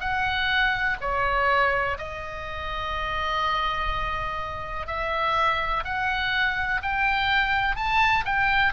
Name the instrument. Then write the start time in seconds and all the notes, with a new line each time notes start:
oboe
0.00 F#5
1.01 C#5
1.98 D#5
4.87 E5
5.84 F#5
6.82 G5
7.76 A5
8.25 G5